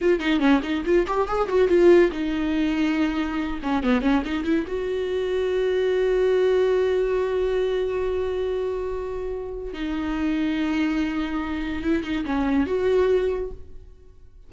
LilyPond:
\new Staff \with { instrumentName = "viola" } { \time 4/4 \tempo 4 = 142 f'8 dis'8 cis'8 dis'8 f'8 g'8 gis'8 fis'8 | f'4 dis'2.~ | dis'8 cis'8 b8 cis'8 dis'8 e'8 fis'4~ | fis'1~ |
fis'1~ | fis'2. dis'4~ | dis'1 | e'8 dis'8 cis'4 fis'2 | }